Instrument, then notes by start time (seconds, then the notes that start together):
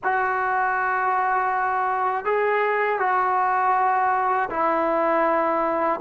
trombone
0.03 F#4
2.24 G#4
2.99 F#4
4.50 E4